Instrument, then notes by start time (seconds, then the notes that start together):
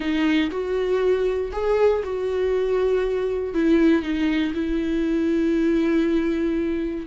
viola
0.00 D#4
0.50 F#4
1.52 G#4
2.03 F#4
3.54 E4
4.02 D#4
4.54 E4